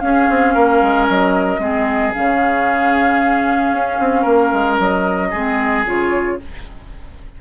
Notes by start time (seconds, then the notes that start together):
0.00 C#4 G#4 F5
0.30 C4
0.54 A#3 A#4
0.82 G#3
1.09 F#3 D#5
1.59 G#3 C4 G#4
2.13 C#3 C#4 F5
3.72 C#4
3.99 C4
4.22 A#3 A#4
4.53 G#3
4.78 F#3 D#5
5.31 G#3 C4 G#4
5.85 C#3 F4 C#5